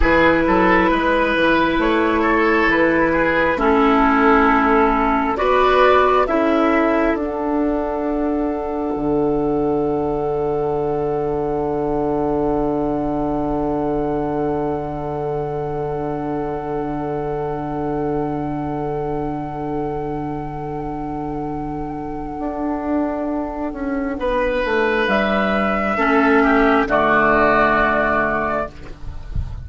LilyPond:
<<
  \new Staff \with { instrumentName = "flute" } { \time 4/4 \tempo 4 = 67 b'2 cis''4 b'4 | a'2 d''4 e''4 | fis''1~ | fis''1~ |
fis''1~ | fis''1~ | fis''1 | e''2 d''2 | }
  \new Staff \with { instrumentName = "oboe" } { \time 4/4 gis'8 a'8 b'4. a'4 gis'8 | e'2 b'4 a'4~ | a'1~ | a'1~ |
a'1~ | a'1~ | a'2. b'4~ | b'4 a'8 g'8 fis'2 | }
  \new Staff \with { instrumentName = "clarinet" } { \time 4/4 e'1 | cis'2 fis'4 e'4 | d'1~ | d'1~ |
d'1~ | d'1~ | d'1~ | d'4 cis'4 a2 | }
  \new Staff \with { instrumentName = "bassoon" } { \time 4/4 e8 fis8 gis8 e8 a4 e4 | a2 b4 cis'4 | d'2 d2~ | d1~ |
d1~ | d1~ | d4 d'4. cis'8 b8 a8 | g4 a4 d2 | }
>>